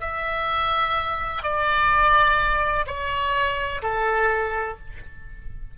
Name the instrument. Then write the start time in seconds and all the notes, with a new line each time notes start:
oboe
0.00 E5
1.43 D5
2.87 C#5
3.82 A4